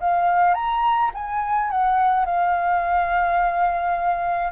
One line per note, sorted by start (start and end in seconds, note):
0.00 0.54 F5
0.54 1.11 A#5
1.14 1.71 G#5
1.71 2.25 F#5
2.25 4.52 F5